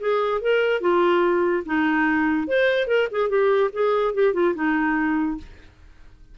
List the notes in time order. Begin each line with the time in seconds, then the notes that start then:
0.00 G#4
0.41 A#4
0.81 F4
1.66 D#4
2.48 C5
2.88 A#4
3.11 G#4
3.29 G4
3.73 G#4
4.14 G4
4.34 F4
4.55 D#4